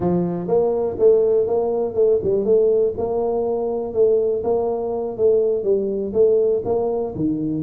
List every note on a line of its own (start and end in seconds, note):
0.00 0.47 F3
0.47 0.96 A#3
0.98 1.46 A3
1.46 1.94 A#3
1.94 2.19 A3
2.23 2.44 G3
2.44 2.94 A3
2.97 3.93 A#3
3.93 4.42 A3
4.43 5.17 A#3
5.17 5.63 A3
5.63 6.13 G3
6.13 6.62 A3
6.64 7.14 A#3
7.15 7.62 D#3